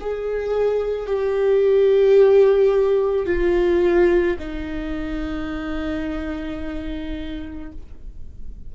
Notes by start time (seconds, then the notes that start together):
0.00 G#4
1.06 G4
3.26 F4
4.38 D#4